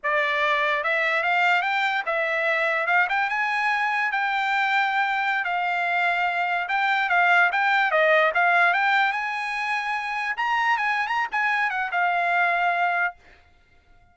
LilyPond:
\new Staff \with { instrumentName = "trumpet" } { \time 4/4 \tempo 4 = 146 d''2 e''4 f''4 | g''4 e''2 f''8 g''8 | gis''2 g''2~ | g''4~ g''16 f''2~ f''8.~ |
f''16 g''4 f''4 g''4 dis''8.~ | dis''16 f''4 g''4 gis''4.~ gis''16~ | gis''4~ gis''16 ais''4 gis''8. ais''8 gis''8~ | gis''8 fis''8 f''2. | }